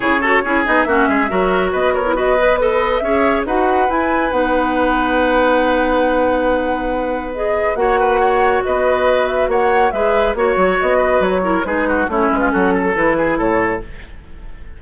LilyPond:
<<
  \new Staff \with { instrumentName = "flute" } { \time 4/4 \tempo 4 = 139 cis''4. dis''8 e''2 | dis''8 cis''8 dis''4 b'4 e''4 | fis''4 gis''4 fis''2~ | fis''1~ |
fis''4 dis''4 fis''2 | dis''4. e''8 fis''4 e''4 | cis''4 dis''4 cis''4 b'4 | cis''8 b'8 a'4 b'4 cis''4 | }
  \new Staff \with { instrumentName = "oboe" } { \time 4/4 gis'8 a'8 gis'4 fis'8 gis'8 ais'4 | b'8 ais'8 b'4 dis''4 cis''4 | b'1~ | b'1~ |
b'2 cis''8 b'8 cis''4 | b'2 cis''4 b'4 | cis''4. b'4 ais'8 gis'8 fis'8 | e'8. f'16 fis'8 a'4 gis'8 a'4 | }
  \new Staff \with { instrumentName = "clarinet" } { \time 4/4 e'8 fis'8 e'8 dis'8 cis'4 fis'4~ | fis'8. e'16 fis'8 b'8 a'4 gis'4 | fis'4 e'4 dis'2~ | dis'1~ |
dis'4 gis'4 fis'2~ | fis'2. gis'4 | fis'2~ fis'8 e'8 dis'4 | cis'2 e'2 | }
  \new Staff \with { instrumentName = "bassoon" } { \time 4/4 cis4 cis'8 b8 ais8 gis8 fis4 | b2. cis'4 | dis'4 e'4 b2~ | b1~ |
b2 ais2 | b2 ais4 gis4 | ais8 fis8 b4 fis4 gis4 | a8 gis8 fis4 e4 a,4 | }
>>